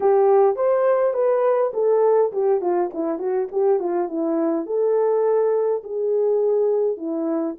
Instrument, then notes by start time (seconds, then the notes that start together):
horn
0.00 G4
0.56 C5
1.13 B4
1.73 A4
2.32 G4
2.61 F4
2.93 E4
3.19 F#4
3.51 G4
3.79 F4
4.08 E4
4.66 A4
5.83 G#4
6.97 E4